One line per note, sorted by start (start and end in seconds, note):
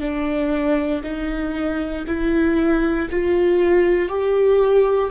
0.00 1.02 D4
1.03 2.05 D#4
2.07 3.09 E4
3.10 4.09 F4
4.09 5.10 G4